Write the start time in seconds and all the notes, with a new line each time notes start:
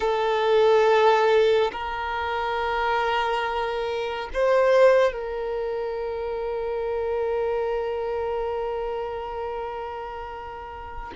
0.00 A4
1.71 A#4
4.33 C5
5.12 A#4